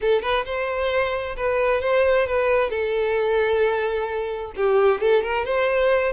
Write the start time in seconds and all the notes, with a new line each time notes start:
0.01 A4
0.22 B4
0.45 C5
1.36 B4
1.81 C5
2.26 B4
2.70 A4
4.56 G4
5.00 A4
5.23 A#4
5.45 C5